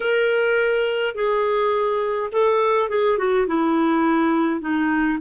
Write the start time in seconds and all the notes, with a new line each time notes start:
0.00 A#4
1.14 G#4
2.32 A4
2.89 G#4
3.18 F#4
3.47 E4
4.60 D#4